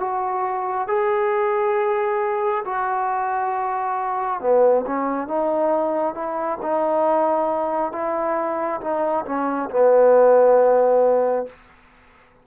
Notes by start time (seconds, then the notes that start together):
0.00 F#4
0.88 G#4
2.65 F#4
4.41 B3
4.87 C#4
5.28 D#4
6.14 E4
6.63 D#4
7.93 E4
8.81 D#4
9.26 C#4
9.70 B3